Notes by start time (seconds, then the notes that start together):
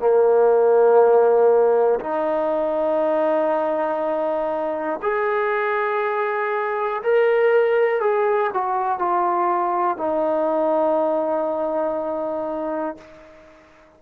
0.00 A#3
2.00 D#4
5.02 G#4
7.03 A#4
8.01 G#4
8.54 F#4
8.99 F4
9.98 D#4